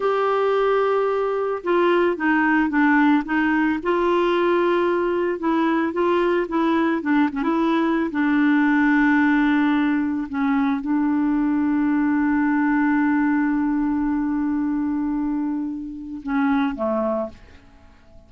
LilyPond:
\new Staff \with { instrumentName = "clarinet" } { \time 4/4 \tempo 4 = 111 g'2. f'4 | dis'4 d'4 dis'4 f'4~ | f'2 e'4 f'4 | e'4 d'8 cis'16 e'4~ e'16 d'4~ |
d'2. cis'4 | d'1~ | d'1~ | d'2 cis'4 a4 | }